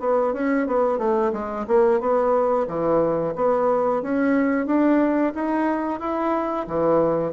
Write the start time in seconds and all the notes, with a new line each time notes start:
0.00 B3
0.34 C#4
0.67 B3
0.98 A3
1.33 G#3
1.68 A#3
2.01 B3
2.68 E3
3.36 B3
4.02 C#4
4.66 D4
5.35 D#4
6.00 E4
6.67 E3